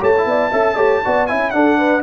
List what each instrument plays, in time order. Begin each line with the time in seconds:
0.00 tuba A3, trombone G4, horn C#5, trumpet A5
0.18 trombone E4
0.26 tuba B3, horn D5
0.51 tuba C#4, trombone A4, horn E5
0.76 tuba A3, trombone G4, horn C#5
1.05 tuba B3, trombone F#4, horn D5
1.27 tuba C#4, trombone E4, horn E5, trumpet G#5
1.51 trombone D4, tuba D4, horn A4, trumpet F#5
1.78 horn B4